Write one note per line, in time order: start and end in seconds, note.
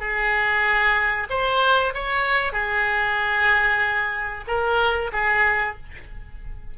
0.00 1.28 G#4
1.30 1.94 C5
1.95 2.53 C#5
2.53 4.44 G#4
4.48 5.12 A#4
5.13 5.77 G#4